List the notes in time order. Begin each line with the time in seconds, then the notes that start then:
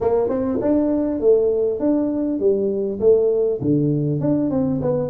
0.00 A#3
0.28 C4
0.61 D4
1.20 A3
1.79 D4
2.39 G3
2.99 A3
3.61 D3
4.20 D4
4.50 C4
4.81 B3